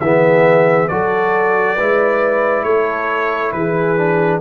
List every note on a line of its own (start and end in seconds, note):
0.00 0.89 E3
0.00 0.90 B3
0.00 0.92 G#4
0.00 0.88 E5
0.88 1.79 F#3
0.88 1.78 F#4
0.88 1.75 A4
0.88 2.63 D5
1.75 2.64 G#3
1.75 3.97 E4
1.75 2.63 B4
2.63 3.52 A3
2.63 3.53 A4
2.63 3.51 C#5
3.52 4.41 E3
3.52 4.41 G#4
3.52 4.40 B4
3.97 4.41 D4